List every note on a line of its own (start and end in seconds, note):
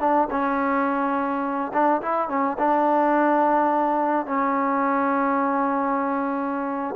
0.00 0.28 D4
0.31 1.72 C#4
1.73 2.02 D4
2.02 2.29 E4
2.29 2.57 C#4
2.59 4.26 D4
4.26 6.95 C#4